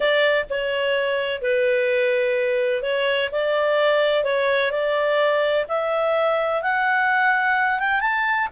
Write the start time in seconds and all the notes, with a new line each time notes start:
0.00 D5
0.49 C#5
1.41 B4
2.82 C#5
3.31 D5
4.23 C#5
4.71 D5
5.68 E5
6.62 F#5
7.79 G5
8.00 A5